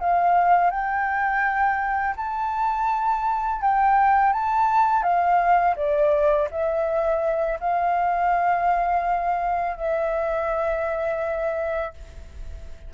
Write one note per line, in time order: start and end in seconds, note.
0.00 0.71 F5
0.71 2.15 G5
2.17 3.61 A5
3.61 4.33 G5
4.33 5.03 A5
5.03 5.75 F5
5.76 6.49 D5
6.51 7.60 E5
7.60 9.77 F5
9.77 11.94 E5